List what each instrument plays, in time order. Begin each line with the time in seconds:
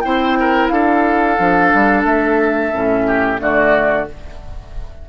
0.00 bassoon C4, clarinet E4, oboe C5, flute G5
0.40 oboe A#4
0.68 bassoon D4, oboe A4, flute F5
1.38 bassoon F3, clarinet D4
1.73 bassoon G3
2.04 bassoon A3, flute E5
2.72 bassoon A2, clarinet C#4
3.06 oboe G4
3.37 bassoon D3, clarinet A3, oboe F#4, flute D5